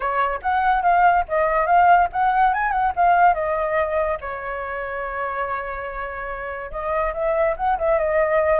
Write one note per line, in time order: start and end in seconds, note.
0.00 0.39 C#5
0.42 0.82 F#5
0.82 1.24 F5
1.28 1.66 D#5
1.66 2.08 F5
2.12 2.53 F#5
2.53 2.71 G#5
2.71 2.92 F#5
2.96 3.34 F5
3.34 4.17 D#5
4.21 6.71 C#5
6.71 7.13 D#5
7.13 7.55 E5
7.57 7.78 F#5
7.78 7.98 E5
7.98 8.59 D#5